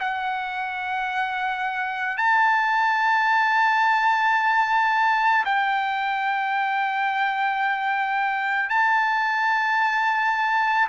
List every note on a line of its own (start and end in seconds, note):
0.00 2.17 F#5
2.17 5.44 A5
5.45 8.69 G5
8.69 10.87 A5